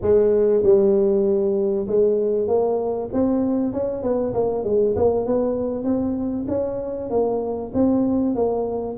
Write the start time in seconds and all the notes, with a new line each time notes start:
0.01 G#3
0.63 G3
1.87 G#3
2.47 A#3
3.12 C4
3.73 C#4
4.02 B3
4.34 A#3
4.64 G#3
4.95 A#3
5.26 B3
5.84 C4
6.48 C#4
7.10 A#3
7.73 C4
8.35 A#3